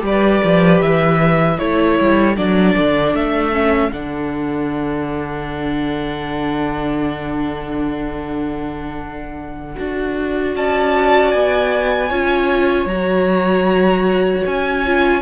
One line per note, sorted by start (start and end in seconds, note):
0.00 0.42 G3
0.00 1.56 G4
0.07 1.57 B4
0.07 0.82 D5
0.44 0.81 F3
0.81 1.59 E3
0.81 1.59 E5
1.57 2.00 A3
1.57 2.36 E4
1.57 10.53 A4
1.57 2.37 C#5
2.00 2.37 G3
2.36 2.76 F#3
2.36 3.53 D4
2.36 3.15 D5
2.78 3.14 D3
3.14 3.92 A3
3.14 3.93 E5
3.53 3.92 C#4
3.93 9.77 D3
3.93 9.76 D4
3.93 10.55 F#5
9.76 10.57 D4
9.76 12.10 F#4
10.56 11.35 C#4
10.56 12.10 D5
10.56 11.32 A5
11.32 12.11 B3
11.32 12.87 G#5
12.10 12.86 C#4
12.10 12.88 F4
12.10 15.22 C#5
12.86 14.42 F#3
12.86 14.44 A#5
12.92 14.86 F#4
14.46 15.23 C#4
14.46 15.23 G#5
14.86 15.23 F4